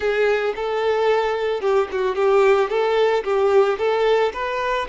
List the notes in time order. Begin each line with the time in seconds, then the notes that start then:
0.00 G#4
0.55 A4
1.61 G4
1.91 F#4
2.15 G4
2.69 A4
3.24 G4
3.78 A4
4.33 B4